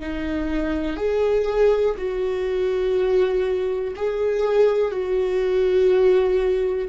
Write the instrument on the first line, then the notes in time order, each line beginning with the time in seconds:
viola
0.00 D#4
0.97 G#4
1.97 F#4
3.96 G#4
4.91 F#4